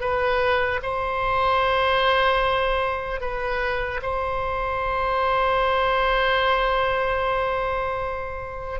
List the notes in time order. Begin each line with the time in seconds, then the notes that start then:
0.00 B4
0.83 C5
3.21 B4
4.02 C5